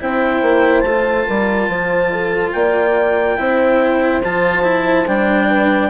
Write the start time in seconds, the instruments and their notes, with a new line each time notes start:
0.00 bassoon C4, cello E4, horn C5, clarinet G5
0.42 bassoon A#3
0.81 bassoon A3, clarinet A5
0.87 cello F4
1.27 bassoon G3, horn A#4
1.69 bassoon F3, horn C5
2.12 horn A4
2.52 bassoon A#3, horn D5, clarinet G5
3.37 bassoon C4, cello E4, horn C5
4.23 bassoon F3, cello F4, clarinet A5
4.63 cello E4
5.07 bassoon G3, cello D4, clarinet G5
5.49 horn B4